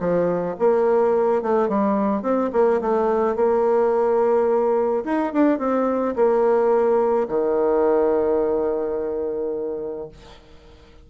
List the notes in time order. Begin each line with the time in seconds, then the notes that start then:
0.00 F3
0.59 A#3
1.43 A3
1.69 G3
2.22 C4
2.53 A#3
2.81 A3
3.36 A#3
5.05 D#4
5.33 D4
5.59 C4
6.16 A#3
7.28 D#3